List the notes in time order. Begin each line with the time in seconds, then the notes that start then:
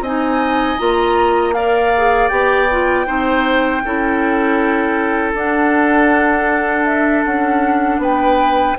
0.00 C4 D#4 D#5 G#5
0.78 A#3 F4 A#5
1.53 A#4 D5 F5
1.97 G#4
2.28 B3 G4 G5
2.71 F4
3.05 C4 D#4 C5
3.84 C#4 E4 A4
5.34 D4 F#5
6.85 E5
7.24 C#4 F#5
7.98 B3 B4 G5